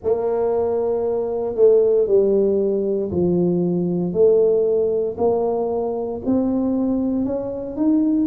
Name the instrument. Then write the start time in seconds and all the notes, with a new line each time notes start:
tuba
0.03 A#3
1.55 A3
2.07 G3
3.11 F3
4.12 A3
5.17 A#3
6.25 C4
7.25 C#4
7.76 D#4